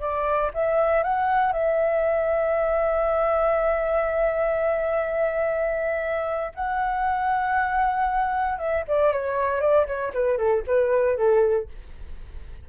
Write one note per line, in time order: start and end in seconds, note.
0.00 0.51 D5
0.54 1.03 E5
1.03 1.53 F#5
1.53 6.53 E5
6.55 8.59 F#5
8.59 8.84 E5
8.88 9.13 D5
9.13 9.61 C#5
9.61 9.86 D5
9.87 10.13 C#5
10.14 10.38 B4
10.38 10.64 A4
10.67 11.17 B4
11.17 11.69 A4